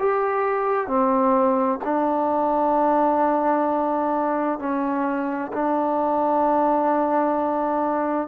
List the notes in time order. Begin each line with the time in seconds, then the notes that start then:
0.00 G4
0.87 C4
1.85 D4
4.59 C#4
5.53 D4